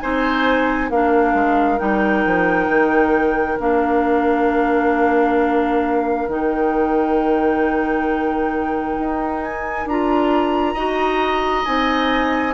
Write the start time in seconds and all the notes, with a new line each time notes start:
0.00 C4 D#4 C5 G#5
0.90 A#3 D4 A#4 F5
1.34 G#3
1.79 G3 D#4 G5
2.26 F3
2.68 D#3
3.60 A#3 D4 F5
6.28 D#3 D#4 G5
8.99 D#4
9.43 G#5
9.86 D4 F4 A#5
10.75 D#4 F#4 D#5
11.65 C4 D#4 G#5